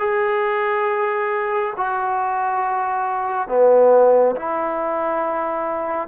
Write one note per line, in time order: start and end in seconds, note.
0.00 1.74 G#4
1.77 3.49 F#4
3.49 4.36 B3
4.36 6.09 E4